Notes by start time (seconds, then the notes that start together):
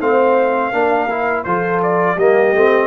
0.00 A3 C4 C5 F5
0.72 A#3 D4 A#4
1.10 E4
1.44 F3 F4 A4 C5
1.83 D5
2.15 G3 A#3 G4 D#5
2.54 A3 C4